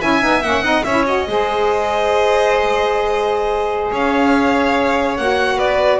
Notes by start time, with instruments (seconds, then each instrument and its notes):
0.00 double bass C#4, saxophone E4, violin E5 G#5
0.20 double bass B3, saxophone D#4
0.42 double bass A#3, saxophone C#4, violin F#5
0.61 double bass C4, saxophone D#4, violin D#5
0.83 double bass C#4, saxophone E4, violin C#5 E5
1.05 saxophone F#4, violin D#5
1.27 double bass G#3, saxophone G#4, violin C5
3.92 double bass C#4, violin C#5 F5
5.17 double bass A#3, saxophone F#4, violin F#5
5.56 double bass B3, violin B4 D5